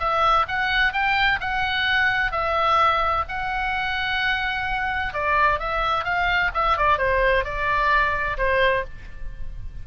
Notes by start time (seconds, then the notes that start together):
0.00 E5
0.48 F#5
0.93 G5
1.41 F#5
2.32 E5
3.29 F#5
5.14 D5
5.60 E5
6.05 F5
6.55 E5
6.77 D5
6.98 C5
7.45 D5
8.38 C5